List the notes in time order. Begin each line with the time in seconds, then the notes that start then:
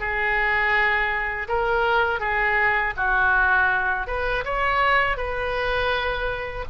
0.00 G#4
1.48 A#4
2.20 G#4
2.97 F#4
4.07 B4
4.45 C#5
5.17 B4